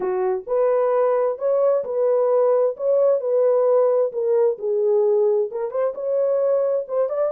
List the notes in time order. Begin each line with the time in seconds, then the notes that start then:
0.00 F#4
0.47 B4
1.38 C#5
1.84 B4
2.76 C#5
3.20 B4
4.12 A#4
4.58 G#4
5.51 A#4
5.70 C5
5.94 C#5
6.87 C5
7.09 D5